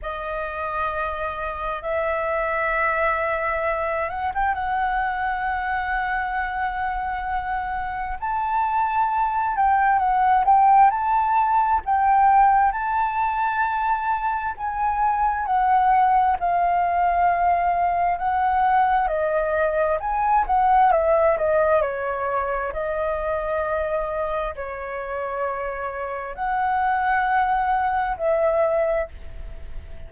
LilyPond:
\new Staff \with { instrumentName = "flute" } { \time 4/4 \tempo 4 = 66 dis''2 e''2~ | e''8 fis''16 g''16 fis''2.~ | fis''4 a''4. g''8 fis''8 g''8 | a''4 g''4 a''2 |
gis''4 fis''4 f''2 | fis''4 dis''4 gis''8 fis''8 e''8 dis''8 | cis''4 dis''2 cis''4~ | cis''4 fis''2 e''4 | }